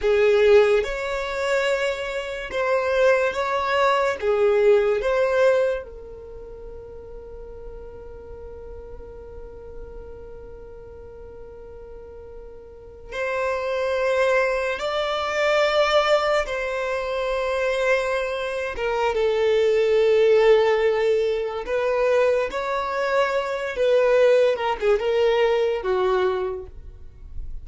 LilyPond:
\new Staff \with { instrumentName = "violin" } { \time 4/4 \tempo 4 = 72 gis'4 cis''2 c''4 | cis''4 gis'4 c''4 ais'4~ | ais'1~ | ais'2.~ ais'8. c''16~ |
c''4.~ c''16 d''2 c''16~ | c''2~ c''8 ais'8 a'4~ | a'2 b'4 cis''4~ | cis''8 b'4 ais'16 gis'16 ais'4 fis'4 | }